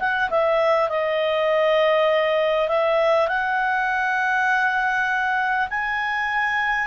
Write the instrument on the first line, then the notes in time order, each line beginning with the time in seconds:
clarinet
0.00 F#5
0.31 E5
0.90 D#5
2.69 E5
3.29 F#5
5.71 G#5